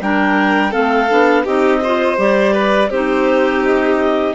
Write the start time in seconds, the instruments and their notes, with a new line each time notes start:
0.00 bassoon G3, clarinet D4 G5, violin A#4
0.70 clarinet C4 F5, violin A4
0.77 bassoon A3
1.09 bassoon B3, clarinet D4
1.44 bassoon C4, clarinet D#4 D#5, violin G4
1.83 clarinet F4, violin C5
2.16 bassoon G3, clarinet G4 D5
2.52 violin B4
2.89 bassoon C4, clarinet D#4 C5, violin G4
3.65 clarinet D#5